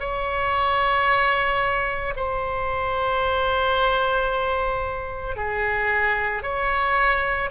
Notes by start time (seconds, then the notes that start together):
0.00 C#5
2.16 C5
5.36 G#4
6.43 C#5